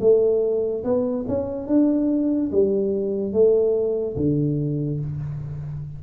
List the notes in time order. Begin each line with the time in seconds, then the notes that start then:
0.00 A3
0.84 B3
1.28 C#4
1.67 D4
2.52 G3
3.32 A3
4.16 D3